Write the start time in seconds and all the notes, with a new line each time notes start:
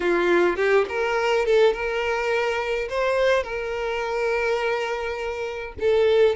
0.00 F4
0.56 G4
0.89 A#4
1.45 A4
1.73 A#4
2.89 C5
3.43 A#4
5.80 A4